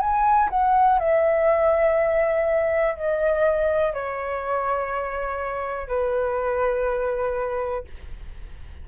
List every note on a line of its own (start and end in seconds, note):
0.00 0.49 G#5
0.50 0.99 F#5
0.99 2.95 E5
2.95 3.93 D#5
3.93 5.88 C#5
5.88 7.85 B4